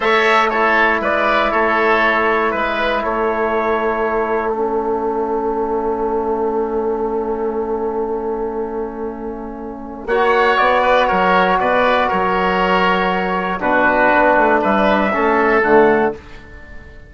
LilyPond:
<<
  \new Staff \with { instrumentName = "trumpet" } { \time 4/4 \tempo 4 = 119 e''4 cis''4 d''4 cis''4~ | cis''4 b'4 cis''2~ | cis''4 e''2.~ | e''1~ |
e''1 | fis''4 d''4 cis''4 d''4 | cis''2. b'4~ | b'4 e''2 fis''4 | }
  \new Staff \with { instrumentName = "oboe" } { \time 4/4 cis''4 a'4 b'4 a'4~ | a'4 b'4 a'2~ | a'1~ | a'1~ |
a'1 | cis''4. b'8 ais'4 b'4 | ais'2. fis'4~ | fis'4 b'4 a'2 | }
  \new Staff \with { instrumentName = "trombone" } { \time 4/4 a'4 e'2.~ | e'1~ | e'4 cis'2.~ | cis'1~ |
cis'1 | fis'1~ | fis'2. d'4~ | d'2 cis'4 a4 | }
  \new Staff \with { instrumentName = "bassoon" } { \time 4/4 a2 gis4 a4~ | a4 gis4 a2~ | a1~ | a1~ |
a1 | ais4 b4 fis4 b,4 | fis2. b,4 | b8 a8 g4 a4 d4 | }
>>